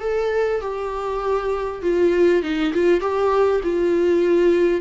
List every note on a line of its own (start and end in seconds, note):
0.00 0.61 A4
0.61 1.82 G4
1.82 2.42 F4
2.42 2.73 D#4
2.73 3.00 F4
3.00 3.61 G4
3.63 4.81 F4